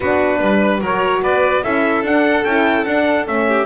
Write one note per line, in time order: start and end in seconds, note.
0.00 0.40 B3
0.00 0.82 D4
0.00 0.39 F#4
0.00 0.78 B4
0.40 0.81 G3
0.40 0.80 B4
0.80 1.22 F#3
0.80 1.63 F#4
0.80 1.21 A#4
0.80 1.23 C#5
1.22 1.63 B3
1.22 1.63 B4
1.22 1.63 D5
1.63 2.02 C#4
1.63 2.04 E4
1.63 3.47 A4
1.63 2.04 E5
2.02 2.43 D4
2.02 2.45 D4
2.02 2.44 F#5
2.44 2.85 C#4
2.44 2.85 E4
2.44 2.85 G5
2.85 3.25 D4
2.85 3.27 D4
2.85 3.26 F#5
3.25 3.66 A3
3.25 3.66 C#4
3.25 3.66 E5
3.47 3.66 G4